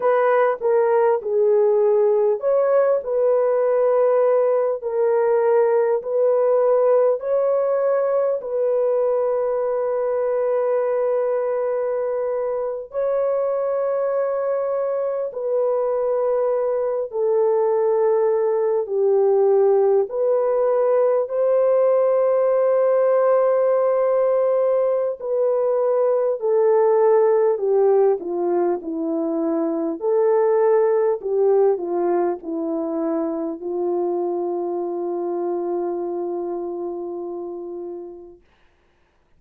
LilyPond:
\new Staff \with { instrumentName = "horn" } { \time 4/4 \tempo 4 = 50 b'8 ais'8 gis'4 cis''8 b'4. | ais'4 b'4 cis''4 b'4~ | b'2~ b'8. cis''4~ cis''16~ | cis''8. b'4. a'4. g'16~ |
g'8. b'4 c''2~ c''16~ | c''4 b'4 a'4 g'8 f'8 | e'4 a'4 g'8 f'8 e'4 | f'1 | }